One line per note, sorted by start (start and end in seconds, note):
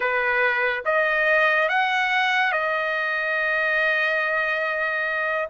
0.00 0.83 B4
0.85 1.69 D#5
1.69 2.52 F#5
2.52 5.48 D#5